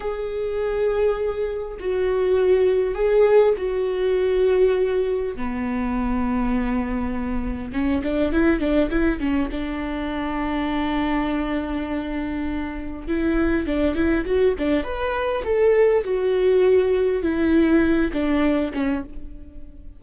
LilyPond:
\new Staff \with { instrumentName = "viola" } { \time 4/4 \tempo 4 = 101 gis'2. fis'4~ | fis'4 gis'4 fis'2~ | fis'4 b2.~ | b4 cis'8 d'8 e'8 d'8 e'8 cis'8 |
d'1~ | d'2 e'4 d'8 e'8 | fis'8 d'8 b'4 a'4 fis'4~ | fis'4 e'4. d'4 cis'8 | }